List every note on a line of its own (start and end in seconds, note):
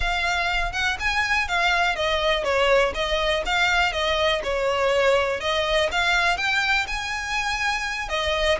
0.00 0.72 F5
0.72 0.97 F#5
0.99 1.48 G#5
1.48 1.95 F5
1.95 2.44 D#5
2.44 2.93 C#5
2.94 3.43 D#5
3.45 3.92 F5
3.92 4.41 D#5
4.43 5.40 C#5
5.40 5.89 D#5
5.91 6.37 F5
6.37 6.86 G5
6.87 8.08 G#5
8.08 8.58 D#5